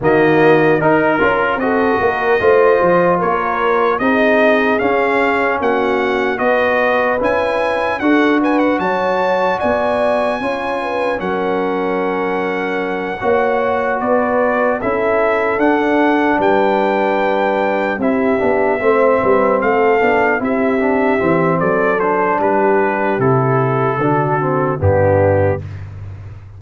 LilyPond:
<<
  \new Staff \with { instrumentName = "trumpet" } { \time 4/4 \tempo 4 = 75 dis''4 ais'4 dis''2 | cis''4 dis''4 f''4 fis''4 | dis''4 gis''4 fis''8 gis''16 fis''16 a''4 | gis''2 fis''2~ |
fis''4. d''4 e''4 fis''8~ | fis''8 g''2 e''4.~ | e''8 f''4 e''4. d''8 c''8 | b'4 a'2 g'4 | }
  \new Staff \with { instrumentName = "horn" } { \time 4/4 fis'4 ais'4 a'8 ais'8 c''4 | ais'4 gis'2 fis'4 | b'2 a'8 b'8 cis''4 | d''4 cis''8 b'8 ais'2~ |
ais'8 cis''4 b'4 a'4.~ | a'8 b'2 g'4 c''8 | b'8 a'4 g'4. a'4 | g'2 fis'4 d'4 | }
  \new Staff \with { instrumentName = "trombone" } { \time 4/4 ais4 dis'8 f'8 fis'4 f'4~ | f'4 dis'4 cis'2 | fis'4 e'4 fis'2~ | fis'4 f'4 cis'2~ |
cis'8 fis'2 e'4 d'8~ | d'2~ d'8 e'8 d'8 c'8~ | c'4 d'8 e'8 d'8 c'4 d'8~ | d'4 e'4 d'8 c'8 b4 | }
  \new Staff \with { instrumentName = "tuba" } { \time 4/4 dis4 dis'8 cis'8 c'8 ais8 a8 f8 | ais4 c'4 cis'4 ais4 | b4 cis'4 d'4 fis4 | b4 cis'4 fis2~ |
fis8 ais4 b4 cis'4 d'8~ | d'8 g2 c'8 b8 a8 | g8 a8 b8 c'4 e8 fis4 | g4 c4 d4 g,4 | }
>>